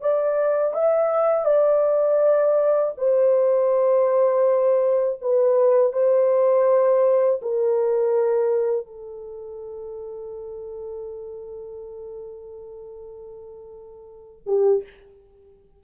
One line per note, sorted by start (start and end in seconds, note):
0.00 0.74 D5
0.74 1.45 E5
1.45 2.93 D5
2.97 5.19 C5
5.21 5.92 B4
5.92 7.40 C5
7.41 8.86 A#4
8.86 14.41 A4
14.46 14.83 G4